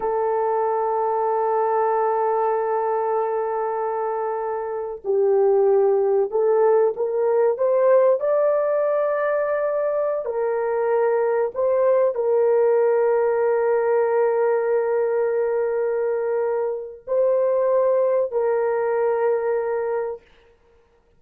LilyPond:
\new Staff \with { instrumentName = "horn" } { \time 4/4 \tempo 4 = 95 a'1~ | a'1 | g'2 a'4 ais'4 | c''4 d''2.~ |
d''16 ais'2 c''4 ais'8.~ | ais'1~ | ais'2. c''4~ | c''4 ais'2. | }